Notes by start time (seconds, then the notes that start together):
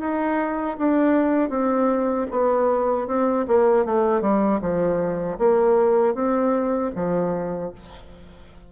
0.00 D#4
0.78 D4
1.50 C4
2.31 B3
3.08 C4
3.48 A#3
3.86 A3
4.22 G3
4.62 F3
5.38 A#3
6.15 C4
6.95 F3